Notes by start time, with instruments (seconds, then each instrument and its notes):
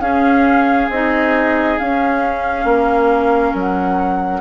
0.00 bassoon C#4, clarinet C#4, oboe G#4, flute F5
0.90 bassoon C4, clarinet D#4, flute D#5
1.79 clarinet C#4, bassoon C#4, flute F5
2.64 bassoon A#3, oboe A#4
3.54 bassoon F#3, flute F#5